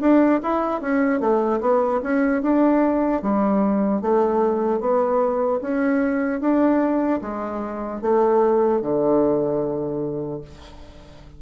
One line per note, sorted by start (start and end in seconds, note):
0.00 0.40 D4
0.42 0.81 E4
0.81 1.20 C#4
1.20 1.60 A3
1.60 2.00 B3
2.03 2.42 C#4
2.42 3.22 D4
3.22 4.01 G3
4.01 4.80 A3
4.80 5.60 B3
5.61 6.40 C#4
6.40 7.20 D4
7.21 8.01 G#3
8.01 8.81 A3
8.81 10.41 D3